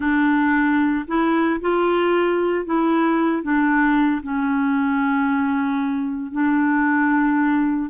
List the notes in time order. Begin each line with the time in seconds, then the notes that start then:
0.00 D4
1.07 E4
1.61 F4
2.65 E4
3.42 D4
4.22 C#4
6.32 D4